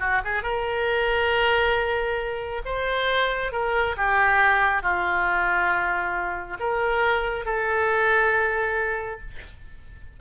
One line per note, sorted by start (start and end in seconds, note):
0.00 0.22 F#4
0.25 0.43 G#4
0.43 2.62 A#4
2.66 3.53 C5
3.53 3.96 A#4
3.97 4.83 G4
4.83 6.58 F4
6.60 7.46 A#4
7.46 9.21 A4